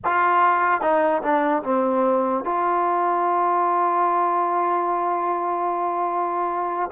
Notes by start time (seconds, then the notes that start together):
0.04 F4
0.81 D#4
1.22 D4
1.63 C4
2.44 F4